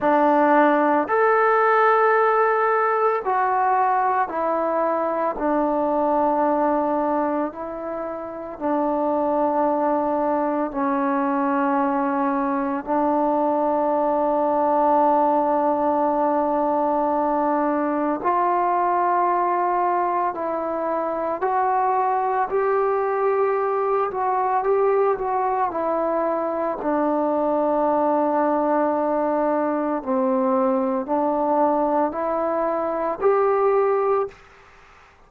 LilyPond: \new Staff \with { instrumentName = "trombone" } { \time 4/4 \tempo 4 = 56 d'4 a'2 fis'4 | e'4 d'2 e'4 | d'2 cis'2 | d'1~ |
d'4 f'2 e'4 | fis'4 g'4. fis'8 g'8 fis'8 | e'4 d'2. | c'4 d'4 e'4 g'4 | }